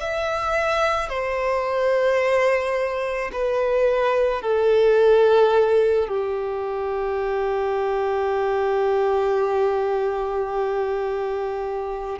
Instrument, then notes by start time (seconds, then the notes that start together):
violin
0.00 E5
1.09 C5
3.32 B4
4.41 A4
6.08 G4